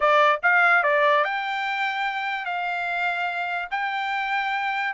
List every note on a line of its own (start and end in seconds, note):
0.00 0.39 D5
0.42 0.83 F5
0.83 1.24 D5
1.24 2.45 G5
2.45 3.68 F5
3.70 4.93 G5